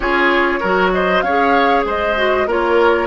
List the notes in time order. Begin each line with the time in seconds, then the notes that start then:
0.00 C#4 F4 G#4 C#5
0.60 F#3 F#4 A#4
0.93 C5 D#5
1.21 C#4 C#5 F5
1.27 G#4
1.84 G#3 C5 D#5
2.15 F#4
2.46 A#3 F4 A#4 C#5